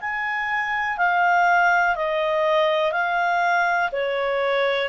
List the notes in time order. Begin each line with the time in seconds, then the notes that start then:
0.00 G#5
0.97 F5
1.95 D#5
2.92 F5
3.92 C#5